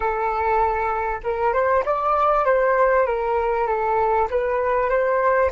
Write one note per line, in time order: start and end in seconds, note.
0.00 1.20 A4
1.23 1.53 A#4
1.53 1.83 C5
1.85 2.45 D5
2.45 3.06 C5
3.06 3.67 A#4
3.67 4.28 A4
4.30 4.89 B4
4.89 5.50 C5